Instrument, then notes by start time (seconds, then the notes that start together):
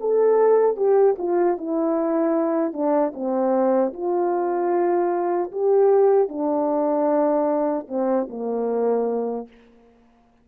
horn
0.00 A4
0.76 G4
1.18 F4
1.58 E4
2.73 D4
3.14 C4
3.93 F4
5.52 G4
6.28 D4
7.88 C4
8.29 A#3